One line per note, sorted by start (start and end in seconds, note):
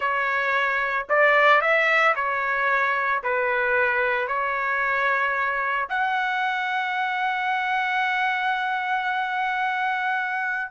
0.00 1.07 C#5
1.09 1.61 D5
1.61 2.14 E5
2.15 3.22 C#5
3.23 4.27 B4
4.27 5.88 C#5
5.89 10.71 F#5